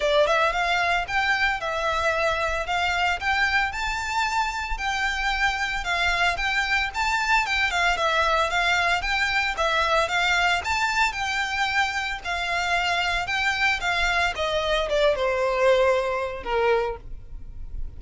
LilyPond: \new Staff \with { instrumentName = "violin" } { \time 4/4 \tempo 4 = 113 d''8 e''8 f''4 g''4 e''4~ | e''4 f''4 g''4 a''4~ | a''4 g''2 f''4 | g''4 a''4 g''8 f''8 e''4 |
f''4 g''4 e''4 f''4 | a''4 g''2 f''4~ | f''4 g''4 f''4 dis''4 | d''8 c''2~ c''8 ais'4 | }